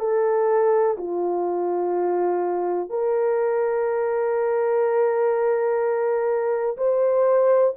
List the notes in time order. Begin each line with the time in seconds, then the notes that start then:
0.00 A4
0.98 F4
2.90 A#4
6.77 C5